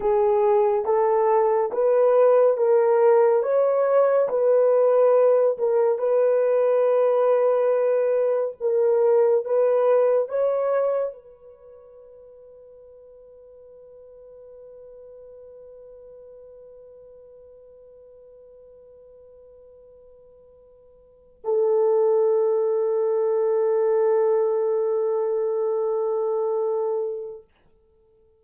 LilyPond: \new Staff \with { instrumentName = "horn" } { \time 4/4 \tempo 4 = 70 gis'4 a'4 b'4 ais'4 | cis''4 b'4. ais'8 b'4~ | b'2 ais'4 b'4 | cis''4 b'2.~ |
b'1~ | b'1~ | b'4 a'2.~ | a'1 | }